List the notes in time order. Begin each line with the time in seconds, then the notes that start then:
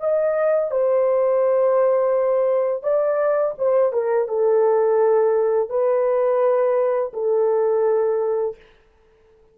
0.00 D#5
0.71 C5
2.83 D5
3.58 C5
3.93 A#4
4.29 A4
5.69 B4
7.13 A4